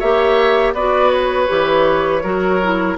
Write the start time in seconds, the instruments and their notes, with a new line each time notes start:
0.00 bassoon A#3, clarinet G4, oboe C#5, flute E5
0.74 bassoon B3, clarinet F#4, oboe B4, flute D5
1.11 flute C#5
1.48 bassoon E3, clarinet G4
2.24 bassoon F#3, clarinet F#4, oboe A#4
2.64 clarinet E4